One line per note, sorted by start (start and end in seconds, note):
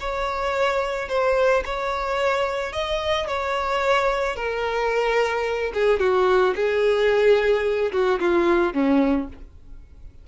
0.00 1.09 C#5
1.09 1.63 C5
1.65 2.73 C#5
2.73 3.27 D#5
3.27 4.36 C#5
4.36 5.72 A#4
5.74 6.00 G#4
6.00 6.54 F#4
6.55 7.92 G#4
7.92 8.19 F#4
8.20 8.73 F4
8.73 9.28 C#4